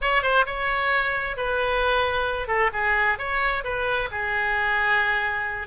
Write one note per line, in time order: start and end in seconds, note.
0.01 0.22 C#5
0.22 0.45 C5
0.45 1.36 C#5
1.36 2.47 B4
2.47 2.70 A4
2.73 3.18 G#4
3.18 3.63 C#5
3.63 4.09 B4
4.11 5.67 G#4